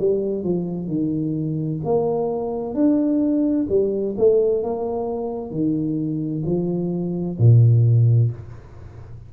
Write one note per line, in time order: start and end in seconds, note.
0.00 0.44 G3
0.44 0.88 F3
0.88 1.80 D#3
1.85 2.75 A#3
2.75 3.67 D4
3.70 4.16 G3
4.18 4.64 A3
4.64 5.51 A#3
5.51 6.44 D#3
6.46 7.38 F3
7.39 8.31 A#2